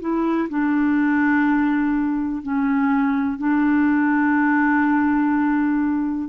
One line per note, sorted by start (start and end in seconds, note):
0.00 0.48 E4
0.50 2.43 D4
2.43 3.38 C#4
3.38 6.29 D4